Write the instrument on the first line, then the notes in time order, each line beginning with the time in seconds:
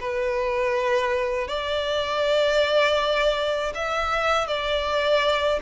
violin
0.00 B4
1.48 D5
3.74 E5
4.47 D5